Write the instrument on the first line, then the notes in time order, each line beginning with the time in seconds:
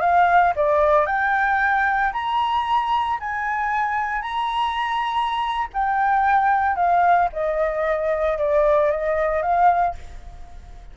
flute
0.00 F5
0.56 D5
1.06 G5
2.12 A#5
3.20 G#5
4.21 A#5
5.73 G5
6.75 F5
7.32 D#5
8.38 D5
8.91 D#5
9.42 F5